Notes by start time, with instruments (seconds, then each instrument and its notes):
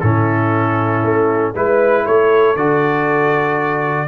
0.00 tuba A2, trombone C#4, horn E4, trumpet A4
1.03 tuba A3
1.54 tuba G#3, trombone E4, horn B4, trumpet B4
2.05 tuba A3, horn A4, trumpet C#5
2.55 tuba D3, trombone F#4, trumpet D5